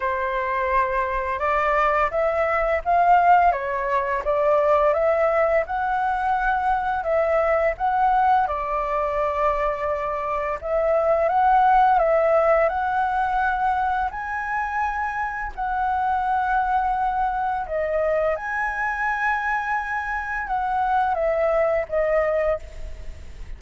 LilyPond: \new Staff \with { instrumentName = "flute" } { \time 4/4 \tempo 4 = 85 c''2 d''4 e''4 | f''4 cis''4 d''4 e''4 | fis''2 e''4 fis''4 | d''2. e''4 |
fis''4 e''4 fis''2 | gis''2 fis''2~ | fis''4 dis''4 gis''2~ | gis''4 fis''4 e''4 dis''4 | }